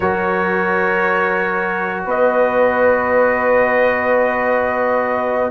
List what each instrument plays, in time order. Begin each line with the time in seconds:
0.00 tuba F#3, trombone F#4, horn A#4, trumpet C#5
2.05 tuba B3, horn B4, trumpet D#5